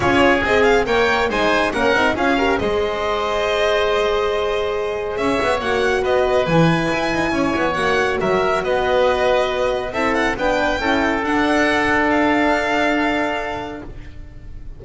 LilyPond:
<<
  \new Staff \with { instrumentName = "violin" } { \time 4/4 \tempo 4 = 139 cis''4 dis''8 f''8 g''4 gis''4 | fis''4 f''4 dis''2~ | dis''1 | e''4 fis''4 dis''4 gis''4~ |
gis''2 fis''4 e''4 | dis''2. e''8 fis''8 | g''2 fis''2 | f''1 | }
  \new Staff \with { instrumentName = "oboe" } { \time 4/4 gis'2 cis''4 c''4 | ais'4 gis'8 ais'8 c''2~ | c''1 | cis''2 b'2~ |
b'4 cis''2 ais'4 | b'2. a'4 | b'4 a'2.~ | a'1 | }
  \new Staff \with { instrumentName = "horn" } { \time 4/4 f'4 gis'4 ais'4 dis'4 | cis'8 dis'8 f'8 g'8 gis'2~ | gis'1~ | gis'4 fis'2 e'4~ |
e'2 fis'2~ | fis'2. e'4 | d'4 e'4 d'2~ | d'1 | }
  \new Staff \with { instrumentName = "double bass" } { \time 4/4 cis'4 c'4 ais4 gis4 | ais8 c'8 cis'4 gis2~ | gis1 | cis'8 b8 ais4 b4 e4 |
e'8 dis'8 cis'8 b8 ais4 fis4 | b2. c'4 | b4 cis'4 d'2~ | d'1 | }
>>